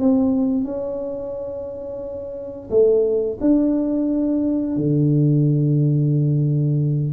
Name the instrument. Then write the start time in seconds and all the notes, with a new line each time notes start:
tuba
0.00 C4
0.65 C#4
2.71 A3
3.41 D4
4.77 D3